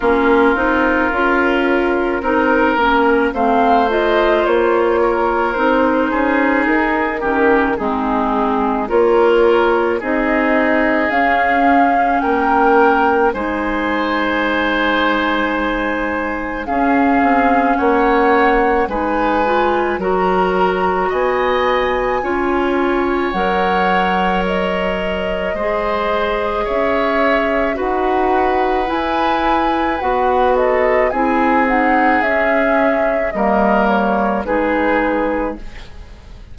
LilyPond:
<<
  \new Staff \with { instrumentName = "flute" } { \time 4/4 \tempo 4 = 54 ais'2. f''8 dis''8 | cis''4 c''4 ais'4 gis'4 | cis''4 dis''4 f''4 g''4 | gis''2. f''4 |
fis''4 gis''4 ais''4 gis''4~ | gis''4 fis''4 dis''2 | e''4 fis''4 gis''4 fis''8 dis''8 | gis''8 fis''8 e''4 dis''8 cis''8 b'4 | }
  \new Staff \with { instrumentName = "oboe" } { \time 4/4 f'2 ais'4 c''4~ | c''8 ais'4 gis'4 g'8 dis'4 | ais'4 gis'2 ais'4 | c''2. gis'4 |
cis''4 b'4 ais'4 dis''4 | cis''2. c''4 | cis''4 b'2~ b'8 a'8 | gis'2 ais'4 gis'4 | }
  \new Staff \with { instrumentName = "clarinet" } { \time 4/4 cis'8 dis'8 f'4 dis'8 cis'8 c'8 f'8~ | f'4 dis'4. cis'8 c'4 | f'4 dis'4 cis'2 | dis'2. cis'4~ |
cis'4 dis'8 f'8 fis'2 | f'4 ais'2 gis'4~ | gis'4 fis'4 e'4 fis'4 | e'8 dis'8 cis'4 ais4 dis'4 | }
  \new Staff \with { instrumentName = "bassoon" } { \time 4/4 ais8 c'8 cis'4 c'8 ais8 a4 | ais4 c'8 cis'8 dis'8 dis8 gis4 | ais4 c'4 cis'4 ais4 | gis2. cis'8 c'8 |
ais4 gis4 fis4 b4 | cis'4 fis2 gis4 | cis'4 dis'4 e'4 b4 | c'4 cis'4 g4 gis4 | }
>>